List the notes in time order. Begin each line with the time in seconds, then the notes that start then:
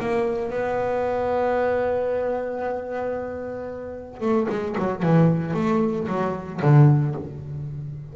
0.00 A#3
0.50 B3
4.21 A3
4.49 G#3
4.78 F#3
5.02 E3
5.54 A3
6.08 F#3
6.62 D3